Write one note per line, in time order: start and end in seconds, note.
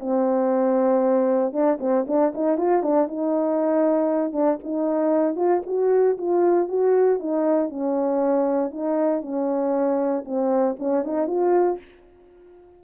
0.00 1.53 C4
1.53 1.79 D4
1.80 2.06 C4
2.08 2.33 D4
2.35 2.58 D#4
2.58 2.83 F4
2.83 3.08 D4
3.08 4.33 D#4
4.33 4.58 D4
4.63 5.36 D#4
5.36 5.62 F4
5.66 6.18 F#4
6.18 6.68 F4
6.68 7.20 F#4
7.20 7.69 D#4
7.69 8.71 C#4
8.71 9.22 D#4
9.22 10.24 C#4
10.25 10.77 C4
10.79 11.04 C#4
11.04 11.27 D#4
11.27 11.79 F4